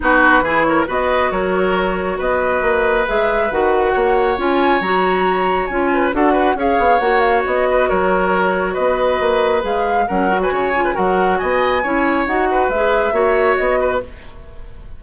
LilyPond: <<
  \new Staff \with { instrumentName = "flute" } { \time 4/4 \tempo 4 = 137 b'4. cis''8 dis''4 cis''4~ | cis''4 dis''2 e''4 | fis''2 gis''4 ais''4~ | ais''4 gis''4 fis''4 f''4 |
fis''8 f''8 dis''4 cis''2 | dis''2 f''4 fis''8. gis''16~ | gis''4 fis''4 gis''2 | fis''4 e''2 dis''4 | }
  \new Staff \with { instrumentName = "oboe" } { \time 4/4 fis'4 gis'8 ais'8 b'4 ais'4~ | ais'4 b'2.~ | b'4 cis''2.~ | cis''4. b'8 a'8 b'8 cis''4~ |
cis''4. b'8 ais'2 | b'2. ais'8. b'16 | cis''8. b'16 ais'4 dis''4 cis''4~ | cis''8 b'4. cis''4. b'8 | }
  \new Staff \with { instrumentName = "clarinet" } { \time 4/4 dis'4 e'4 fis'2~ | fis'2. gis'4 | fis'2 f'4 fis'4~ | fis'4 f'4 fis'4 gis'4 |
fis'1~ | fis'2 gis'4 cis'8 fis'8~ | fis'8 f'8 fis'2 e'4 | fis'4 gis'4 fis'2 | }
  \new Staff \with { instrumentName = "bassoon" } { \time 4/4 b4 e4 b4 fis4~ | fis4 b4 ais4 gis4 | dis4 ais4 cis'4 fis4~ | fis4 cis'4 d'4 cis'8 b8 |
ais4 b4 fis2 | b4 ais4 gis4 fis4 | cis4 fis4 b4 cis'4 | dis'4 gis4 ais4 b4 | }
>>